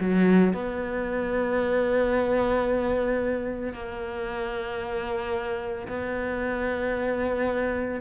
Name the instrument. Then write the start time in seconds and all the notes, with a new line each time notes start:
cello
0.00 F#3
0.54 B3
3.73 A#3
5.88 B3